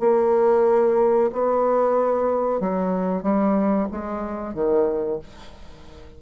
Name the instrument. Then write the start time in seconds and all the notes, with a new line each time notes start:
bassoon
0.00 A#3
1.33 B3
2.60 F#3
3.23 G3
3.92 G#3
4.54 D#3